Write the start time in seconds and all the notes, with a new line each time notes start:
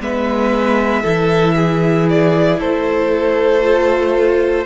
0.00 G#3 B3 B4 E5
1.02 E3 E4 A4
1.56 G#4
2.09 D5
2.59 A3 A4 C5
3.62 F4